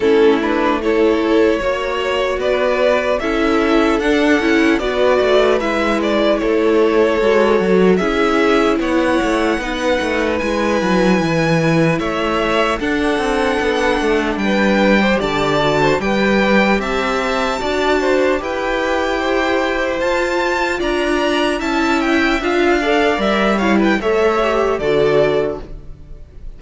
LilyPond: <<
  \new Staff \with { instrumentName = "violin" } { \time 4/4 \tempo 4 = 75 a'8 b'8 cis''2 d''4 | e''4 fis''4 d''4 e''8 d''8 | cis''2 e''4 fis''4~ | fis''4 gis''2 e''4 |
fis''2 g''4 a''4 | g''4 a''2 g''4~ | g''4 a''4 ais''4 a''8 g''8 | f''4 e''8 f''16 g''16 e''4 d''4 | }
  \new Staff \with { instrumentName = "violin" } { \time 4/4 e'4 a'4 cis''4 b'4 | a'2 b'2 | a'2 gis'4 cis''4 | b'2. cis''4 |
a'2 b'8. c''16 d''8. c''16 | b'4 e''4 d''8 c''8 b'4 | c''2 d''4 e''4~ | e''8 d''4 cis''16 b'16 cis''4 a'4 | }
  \new Staff \with { instrumentName = "viola" } { \time 4/4 cis'8 d'8 e'4 fis'2 | e'4 d'8 e'8 fis'4 e'4~ | e'4 fis'4 e'2 | dis'4 e'2. |
d'2~ d'8. g'8. fis'8 | g'2 fis'4 g'4~ | g'4 f'2 e'4 | f'8 a'8 ais'8 e'8 a'8 g'8 fis'4 | }
  \new Staff \with { instrumentName = "cello" } { \time 4/4 a2 ais4 b4 | cis'4 d'8 cis'8 b8 a8 gis4 | a4 gis8 fis8 cis'4 b8 a8 | b8 a8 gis8 fis8 e4 a4 |
d'8 c'8 b8 a8 g4 d4 | g4 c'4 d'4 e'4~ | e'4 f'4 d'4 cis'4 | d'4 g4 a4 d4 | }
>>